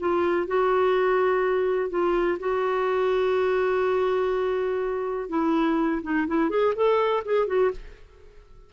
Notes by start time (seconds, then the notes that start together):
0.00 F4
0.47 F#4
1.90 F4
2.39 F#4
5.29 E4
6.03 D#4
6.27 E4
6.50 G#4
6.75 A4
7.25 G#4
7.47 F#4